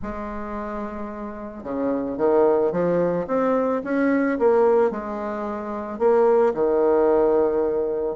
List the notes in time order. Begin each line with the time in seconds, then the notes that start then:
0.02 G#3
1.63 C#3
2.17 D#3
2.71 F3
3.27 C4
3.84 C#4
4.38 A#3
4.90 G#3
5.99 A#3
6.54 D#3